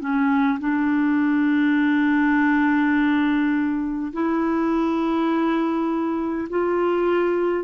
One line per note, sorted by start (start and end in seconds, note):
0.00 0.59 C#4
0.59 4.12 D4
4.13 6.48 E4
6.50 7.64 F4